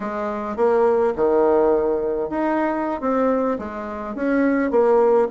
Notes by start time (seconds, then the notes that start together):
0.00 G#3
0.56 A#3
1.16 D#3
2.29 D#4
3.00 C4
3.58 G#3
4.15 C#4
4.70 A#3